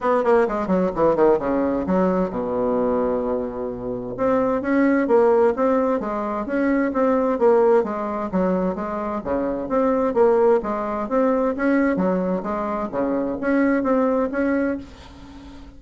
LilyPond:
\new Staff \with { instrumentName = "bassoon" } { \time 4/4 \tempo 4 = 130 b8 ais8 gis8 fis8 e8 dis8 cis4 | fis4 b,2.~ | b,4 c'4 cis'4 ais4 | c'4 gis4 cis'4 c'4 |
ais4 gis4 fis4 gis4 | cis4 c'4 ais4 gis4 | c'4 cis'4 fis4 gis4 | cis4 cis'4 c'4 cis'4 | }